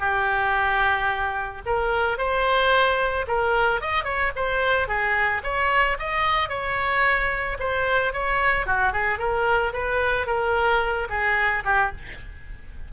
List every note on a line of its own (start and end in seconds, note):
0.00 1.62 G4
1.66 2.18 A#4
2.18 3.26 C5
3.28 3.81 A#4
3.81 4.05 D#5
4.05 4.32 C#5
4.36 4.88 C5
4.88 5.42 G#4
5.43 5.98 C#5
6.00 6.49 D#5
6.49 7.57 C#5
7.59 8.13 C5
8.13 8.67 C#5
8.67 8.93 F#4
8.93 9.19 G#4
9.19 9.73 A#4
9.73 10.27 B4
10.27 11.08 A#4
11.10 11.64 G#4
11.65 11.92 G4